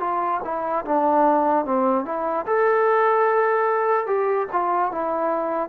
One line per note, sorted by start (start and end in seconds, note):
0.00 0.41 F4
0.44 0.85 E4
0.85 1.65 D4
1.65 2.05 C4
2.05 2.45 E4
2.46 4.07 A4
4.07 4.47 G4
4.52 4.92 F4
4.92 5.69 E4